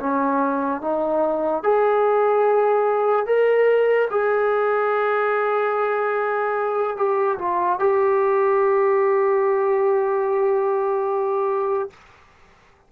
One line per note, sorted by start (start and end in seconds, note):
0.00 0.81 C#4
0.81 1.63 D#4
1.63 3.26 G#4
3.26 4.08 A#4
4.10 6.97 G#4
6.97 7.38 G4
7.38 7.79 F4
7.79 11.90 G4